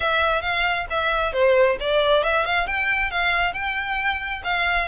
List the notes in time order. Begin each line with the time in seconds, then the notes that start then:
0.00 E5
0.41 F5
0.89 E5
1.32 C5
1.79 D5
2.23 E5
2.45 F5
2.66 G5
3.10 F5
3.53 G5
4.44 F5